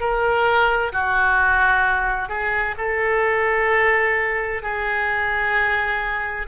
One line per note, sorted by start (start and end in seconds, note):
0.00 0.92 A#4
0.92 2.29 F#4
2.29 2.75 G#4
2.78 4.62 A4
4.62 6.47 G#4